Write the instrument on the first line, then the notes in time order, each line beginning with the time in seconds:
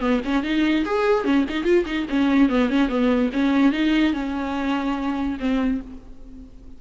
viola
0.00 B3
0.25 C#4
0.43 D#4
0.85 G#4
1.24 C#4
1.49 D#4
1.64 F4
1.85 D#4
2.09 C#4
2.49 B3
2.69 C#4
2.89 B3
3.33 C#4
3.72 D#4
4.13 C#4
5.39 C4